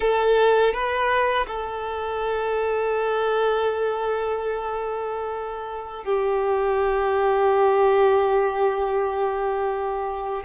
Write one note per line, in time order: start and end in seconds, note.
0.00 0.73 A4
0.73 1.46 B4
1.46 6.04 A4
6.04 10.43 G4